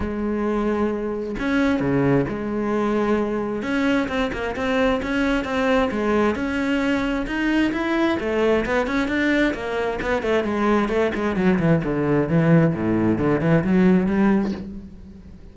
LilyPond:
\new Staff \with { instrumentName = "cello" } { \time 4/4 \tempo 4 = 132 gis2. cis'4 | cis4 gis2. | cis'4 c'8 ais8 c'4 cis'4 | c'4 gis4 cis'2 |
dis'4 e'4 a4 b8 cis'8 | d'4 ais4 b8 a8 gis4 | a8 gis8 fis8 e8 d4 e4 | a,4 d8 e8 fis4 g4 | }